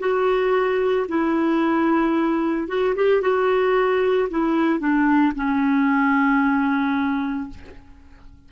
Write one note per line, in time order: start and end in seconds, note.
0.00 1.07 F#4
1.09 2.68 E4
2.68 2.95 F#4
2.96 3.22 G4
3.22 4.29 F#4
4.31 4.80 E4
4.80 5.33 D4
5.36 7.50 C#4